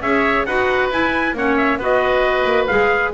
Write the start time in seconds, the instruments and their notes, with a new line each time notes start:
0.00 double bass C#4, clarinet G#4, oboe C#5, trumpet E5
0.45 double bass D#4, clarinet F#4, oboe B4, trumpet F#5
0.90 double bass E4, clarinet E4, trumpet G#5
1.32 double bass A#3, clarinet C#4, oboe C#5, trumpet F#5
1.57 trumpet E5
1.77 double bass B3, clarinet F#4, oboe B4
1.83 trumpet D#5
2.44 double bass A#3
2.67 double bass G#3, clarinet G#4, trumpet F5